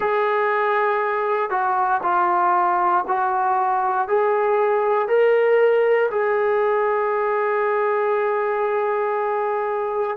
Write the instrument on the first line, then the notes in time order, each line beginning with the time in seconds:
trombone
0.00 G#4
1.50 F#4
2.02 F4
3.07 F#4
4.07 G#4
5.08 A#4
6.11 G#4